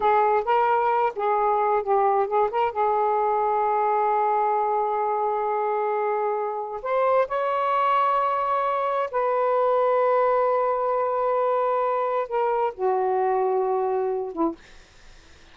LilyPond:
\new Staff \with { instrumentName = "saxophone" } { \time 4/4 \tempo 4 = 132 gis'4 ais'4. gis'4. | g'4 gis'8 ais'8 gis'2~ | gis'1~ | gis'2. c''4 |
cis''1 | b'1~ | b'2. ais'4 | fis'2.~ fis'8 e'8 | }